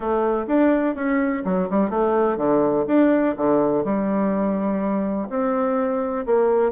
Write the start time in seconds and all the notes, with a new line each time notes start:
0.00 A3
0.47 D4
0.95 C#4
1.44 F#3
1.70 G3
1.90 A3
2.37 D3
2.87 D4
3.36 D3
3.84 G3
5.29 C4
6.25 A#3